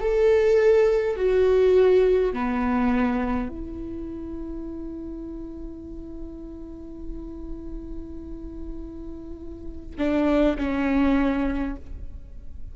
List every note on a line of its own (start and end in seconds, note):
0.00 1.17 A4
1.17 2.34 F#4
2.34 3.49 B3
3.49 9.96 E4
9.98 10.57 D4
10.58 11.76 C#4